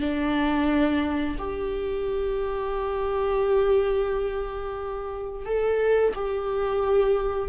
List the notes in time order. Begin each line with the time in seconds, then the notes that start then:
0.00 D4
1.38 G4
5.45 A4
6.15 G4